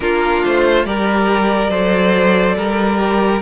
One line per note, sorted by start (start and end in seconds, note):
0.00 0.43 A#3
0.00 0.84 D4
0.00 0.86 F4
0.00 0.43 A#4
0.45 0.84 A3
0.45 0.85 C5
0.84 1.69 G3
0.84 1.70 G4
0.84 1.70 A#4
0.84 3.41 D5
1.69 2.55 F#3
1.69 2.98 A4
1.69 2.56 C5
2.56 3.41 G3
2.56 3.41 A#4
2.98 3.41 G4